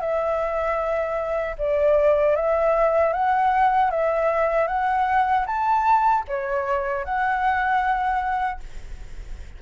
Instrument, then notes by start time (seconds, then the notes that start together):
flute
0.00 E5
1.58 D5
2.36 E5
3.13 F#5
3.91 E5
4.67 F#5
5.46 A5
6.28 C#5
7.04 F#5